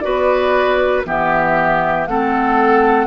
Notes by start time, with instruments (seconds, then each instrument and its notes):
0.00 bassoon B3, clarinet F#4, oboe B4, flute D5
1.05 bassoon E3, clarinet B3, oboe G4, flute E5
2.07 bassoon A3, clarinet C4, oboe A4, flute F#5